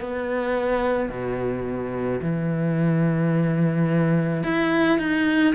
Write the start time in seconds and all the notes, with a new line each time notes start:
0.00 B3
1.09 B2
2.21 E3
4.43 E4
4.98 D#4